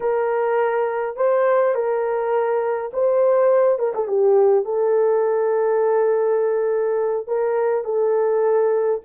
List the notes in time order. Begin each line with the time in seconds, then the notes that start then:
0.00 A#4
1.16 C5
1.74 A#4
2.93 C5
3.78 A#4
3.95 A4
4.07 G4
4.64 A4
7.27 A#4
7.84 A4